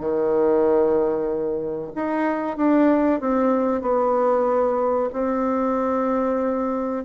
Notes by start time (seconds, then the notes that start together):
0.00 D#3
1.96 D#4
2.57 D4
3.21 C4
3.82 B3
5.13 C4